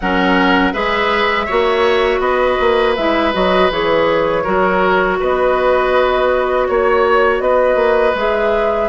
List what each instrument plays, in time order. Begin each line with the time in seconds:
0.00 bassoon F#3, clarinet C#4, oboe A#4, flute F#5
0.73 bassoon G#3, clarinet G#4, oboe B4, flute E5
1.46 bassoon A#3, clarinet F#4, oboe C#5
2.19 bassoon B3, oboe B4, flute D#5
2.60 bassoon A#3
2.96 bassoon G#3, clarinet E4, flute E5
3.33 bassoon F#3, clarinet F#4, flute D#5
3.70 bassoon E3, clarinet G#4, flute C#5
4.43 bassoon F#3, clarinet F#4, oboe A#4
5.19 bassoon B3, oboe B4, flute D#5
6.67 bassoon A#3, flute C#5, oboe C#5
7.39 bassoon B3, oboe B4, flute D#5
7.75 bassoon A#3
8.15 bassoon G#3, clarinet G#4, flute E5